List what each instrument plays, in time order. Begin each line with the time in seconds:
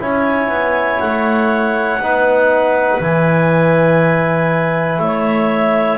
0.00 double bass C#4, trombone E4, clarinet C#5 G#5
0.48 double bass B3
1.00 double bass A3, clarinet F#5
1.99 double bass B3, trombone D#4, clarinet B4
3.00 double bass E3, trombone E4, clarinet G#5
4.99 double bass A3, clarinet C#5 E5